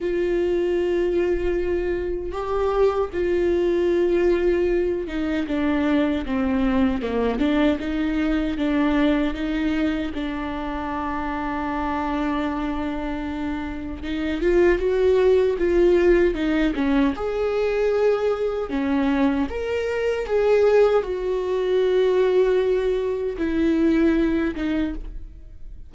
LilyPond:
\new Staff \with { instrumentName = "viola" } { \time 4/4 \tempo 4 = 77 f'2. g'4 | f'2~ f'8 dis'8 d'4 | c'4 ais8 d'8 dis'4 d'4 | dis'4 d'2.~ |
d'2 dis'8 f'8 fis'4 | f'4 dis'8 cis'8 gis'2 | cis'4 ais'4 gis'4 fis'4~ | fis'2 e'4. dis'8 | }